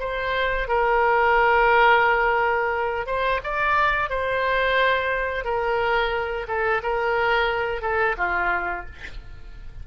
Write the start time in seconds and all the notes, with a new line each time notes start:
0.00 C5
0.68 A#4
3.07 C5
3.44 D5
4.10 C5
5.45 A#4
6.48 A4
6.83 A#4
7.82 A4
8.18 F4